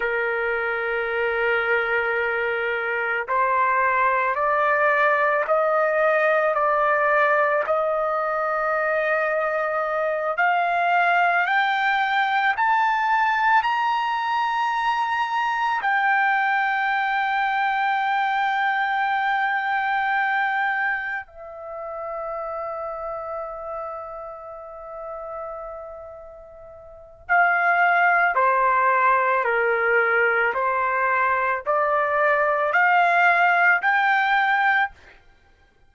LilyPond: \new Staff \with { instrumentName = "trumpet" } { \time 4/4 \tempo 4 = 55 ais'2. c''4 | d''4 dis''4 d''4 dis''4~ | dis''4. f''4 g''4 a''8~ | a''8 ais''2 g''4.~ |
g''2.~ g''8 e''8~ | e''1~ | e''4 f''4 c''4 ais'4 | c''4 d''4 f''4 g''4 | }